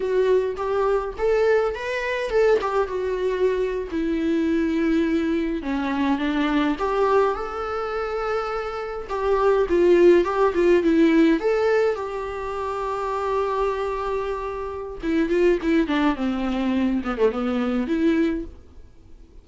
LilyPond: \new Staff \with { instrumentName = "viola" } { \time 4/4 \tempo 4 = 104 fis'4 g'4 a'4 b'4 | a'8 g'8 fis'4.~ fis'16 e'4~ e'16~ | e'4.~ e'16 cis'4 d'4 g'16~ | g'8. a'2. g'16~ |
g'8. f'4 g'8 f'8 e'4 a'16~ | a'8. g'2.~ g'16~ | g'2 e'8 f'8 e'8 d'8 | c'4. b16 a16 b4 e'4 | }